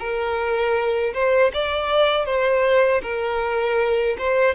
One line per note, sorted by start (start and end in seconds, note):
0.00 1.14 A#4
1.14 1.52 C5
1.54 2.26 D5
2.26 3.02 C5
3.03 4.17 A#4
4.19 4.55 C5